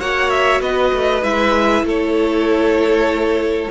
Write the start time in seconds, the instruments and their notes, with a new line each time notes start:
0.00 cello A#3, viola F#4, violin C#5 F#5
0.30 violin E5
0.61 cello B3, violin B4 D#5
0.93 cello A3
1.23 cello G#3, viola E4, violin E5
1.83 cello A3, violin A4
1.89 violin C#5